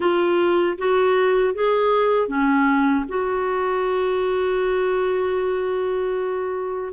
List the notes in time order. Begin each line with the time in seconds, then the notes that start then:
0.00 F4
0.78 F#4
1.54 G#4
2.28 C#4
3.08 F#4